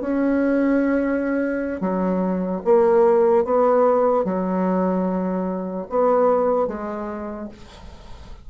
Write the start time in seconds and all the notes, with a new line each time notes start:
0.00 C#4
1.80 F#3
2.64 A#3
3.44 B3
4.24 F#3
5.89 B3
6.67 G#3